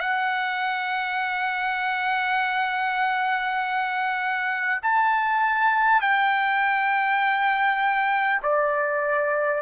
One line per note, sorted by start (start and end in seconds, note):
0.00 4.80 F#5
4.82 6.01 A5
6.01 8.41 G5
8.42 9.62 D5